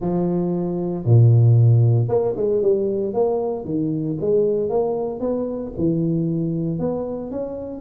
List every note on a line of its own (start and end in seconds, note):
0.00 1.05 F3
1.05 2.08 A#2
2.08 2.34 A#3
2.36 2.62 G#3
2.62 3.13 G3
3.13 3.65 A#3
3.65 4.17 D#3
4.20 4.69 G#3
4.69 5.19 A#3
5.19 5.72 B3
5.77 6.79 E3
6.79 7.31 B3
7.31 7.81 C#4